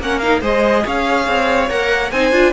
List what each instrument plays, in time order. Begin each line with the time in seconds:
0.00 cello A#3, viola C#4, violin A#4 F#5
0.20 viola D#4, violin F5
0.41 cello G#3, viola G#4, violin C5 D#5
0.86 cello C#4, violin C#5 F5
1.28 cello C4
1.70 cello A#3, viola A#4, violin F#5
2.12 cello C4, viola D#4, violin C5 G#5
2.32 cello D4, viola F4